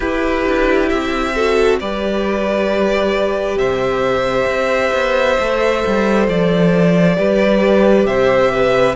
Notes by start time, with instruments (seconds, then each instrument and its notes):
0.00 cello E4, viola E4, violin G4 B4
0.45 cello D4
0.89 cello C4, violin E5
1.35 viola F#4, violin A4
1.80 cello G3, viola G4, violin B4 D5
3.56 cello C3, violin C5 E5
4.46 cello C4
4.93 cello B3
5.38 cello A3, viola A4
5.86 cello G3
6.28 cello F3, violin D5
7.15 cello G3, viola G4, violin B4
8.05 cello C3, violin C5 E5
8.51 violin B4